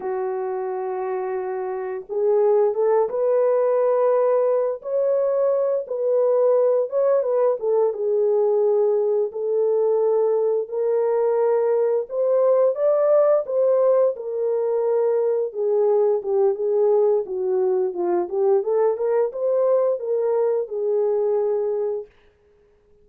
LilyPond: \new Staff \with { instrumentName = "horn" } { \time 4/4 \tempo 4 = 87 fis'2. gis'4 | a'8 b'2~ b'8 cis''4~ | cis''8 b'4. cis''8 b'8 a'8 gis'8~ | gis'4. a'2 ais'8~ |
ais'4. c''4 d''4 c''8~ | c''8 ais'2 gis'4 g'8 | gis'4 fis'4 f'8 g'8 a'8 ais'8 | c''4 ais'4 gis'2 | }